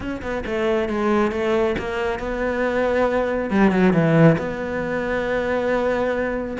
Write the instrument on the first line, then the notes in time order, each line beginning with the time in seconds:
cello
0.00 C#4
0.22 B3
0.46 A3
0.89 G#3
1.31 A3
1.78 A#3
2.19 B3
3.50 G3
3.71 F#3
3.93 E3
4.38 B3